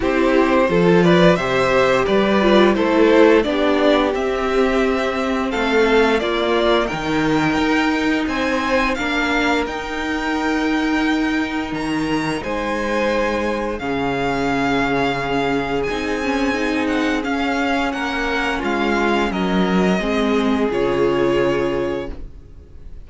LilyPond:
<<
  \new Staff \with { instrumentName = "violin" } { \time 4/4 \tempo 4 = 87 c''4. d''8 e''4 d''4 | c''4 d''4 e''2 | f''4 d''4 g''2 | gis''4 f''4 g''2~ |
g''4 ais''4 gis''2 | f''2. gis''4~ | gis''8 fis''8 f''4 fis''4 f''4 | dis''2 cis''2 | }
  \new Staff \with { instrumentName = "violin" } { \time 4/4 g'4 a'8 b'8 c''4 b'4 | a'4 g'2. | a'4 f'4 ais'2 | c''4 ais'2.~ |
ais'2 c''2 | gis'1~ | gis'2 ais'4 f'4 | ais'4 gis'2. | }
  \new Staff \with { instrumentName = "viola" } { \time 4/4 e'4 f'4 g'4. f'8 | e'4 d'4 c'2~ | c'4 ais4 dis'2~ | dis'4 d'4 dis'2~ |
dis'1 | cis'2. dis'8 cis'8 | dis'4 cis'2.~ | cis'4 c'4 f'2 | }
  \new Staff \with { instrumentName = "cello" } { \time 4/4 c'4 f4 c4 g4 | a4 b4 c'2 | a4 ais4 dis4 dis'4 | c'4 ais4 dis'2~ |
dis'4 dis4 gis2 | cis2. c'4~ | c'4 cis'4 ais4 gis4 | fis4 gis4 cis2 | }
>>